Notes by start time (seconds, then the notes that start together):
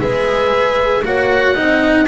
0.00 G#3 G#4 B4 E5
1.05 A#3 F#4 C#5 F#5
1.55 C4 D#4 D#5